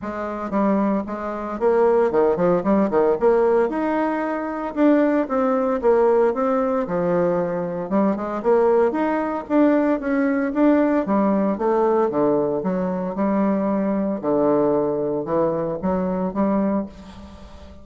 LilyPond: \new Staff \with { instrumentName = "bassoon" } { \time 4/4 \tempo 4 = 114 gis4 g4 gis4 ais4 | dis8 f8 g8 dis8 ais4 dis'4~ | dis'4 d'4 c'4 ais4 | c'4 f2 g8 gis8 |
ais4 dis'4 d'4 cis'4 | d'4 g4 a4 d4 | fis4 g2 d4~ | d4 e4 fis4 g4 | }